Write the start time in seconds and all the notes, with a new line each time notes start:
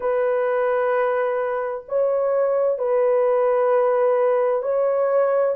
0.00 B4
1.88 C#5
2.78 B4
4.62 C#5